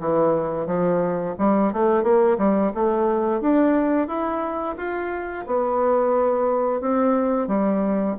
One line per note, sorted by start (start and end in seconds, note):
0.00 0.66 E3
0.66 1.35 F3
1.39 1.73 G3
1.73 2.03 A3
2.03 2.37 A#3
2.38 2.72 G3
2.74 3.41 A3
3.41 4.08 D4
4.08 4.76 E4
4.77 5.45 F4
5.46 6.81 B3
6.81 7.48 C4
7.48 8.16 G3